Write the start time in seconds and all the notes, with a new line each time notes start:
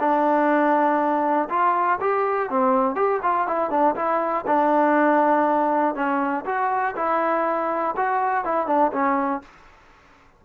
0.00 D4
1.50 F4
2.01 G4
2.50 C4
2.95 G4
3.23 F4
3.47 E4
3.70 D4
3.96 E4
4.47 D4
5.95 C#4
6.46 F#4
6.96 E4
7.97 F#4
8.45 E4
8.67 D4
8.93 C#4